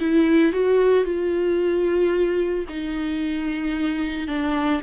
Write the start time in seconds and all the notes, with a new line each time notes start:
0.00 E4
0.53 F#4
1.05 F4
2.69 D#4
4.28 D4